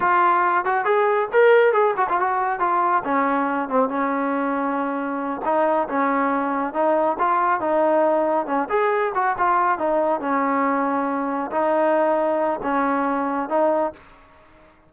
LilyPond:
\new Staff \with { instrumentName = "trombone" } { \time 4/4 \tempo 4 = 138 f'4. fis'8 gis'4 ais'4 | gis'8 fis'16 f'16 fis'4 f'4 cis'4~ | cis'8 c'8 cis'2.~ | cis'8 dis'4 cis'2 dis'8~ |
dis'8 f'4 dis'2 cis'8 | gis'4 fis'8 f'4 dis'4 cis'8~ | cis'2~ cis'8 dis'4.~ | dis'4 cis'2 dis'4 | }